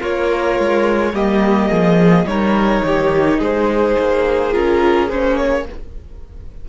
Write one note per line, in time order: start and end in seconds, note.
0.00 0.59 A#3
0.00 1.13 F4
0.00 1.13 A#4
0.00 1.16 C#5
0.59 1.14 G#3
1.14 1.70 G3
1.14 2.28 A#3
1.14 1.70 G4
1.14 2.27 D#5
1.70 2.25 F3
1.70 2.27 G#4
2.25 2.82 G3
2.25 4.53 D#4
2.25 2.86 A#4
2.25 3.41 C#5
2.84 3.40 D#3
2.84 3.39 G4
3.39 3.96 G#3
3.39 5.65 G#4
3.39 4.53 C5
4.00 4.56 A#3
4.53 5.12 C#4
4.53 5.09 F4
4.53 5.10 A#4
5.10 5.69 A#3
5.10 5.67 C#4
5.10 5.37 C5
5.37 5.66 C#5